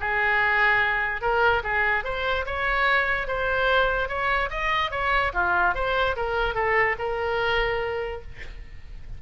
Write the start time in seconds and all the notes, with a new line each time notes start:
0.00 G#4
1.21 A#4
1.63 G#4
2.04 C5
2.46 C#5
3.27 C5
4.09 C#5
4.50 D#5
4.91 C#5
5.33 F4
5.75 C5
6.16 A#4
6.55 A4
6.99 A#4